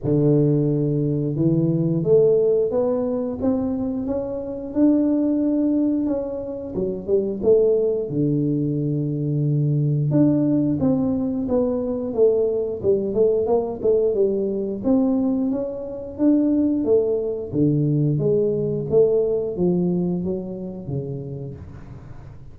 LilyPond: \new Staff \with { instrumentName = "tuba" } { \time 4/4 \tempo 4 = 89 d2 e4 a4 | b4 c'4 cis'4 d'4~ | d'4 cis'4 fis8 g8 a4 | d2. d'4 |
c'4 b4 a4 g8 a8 | ais8 a8 g4 c'4 cis'4 | d'4 a4 d4 gis4 | a4 f4 fis4 cis4 | }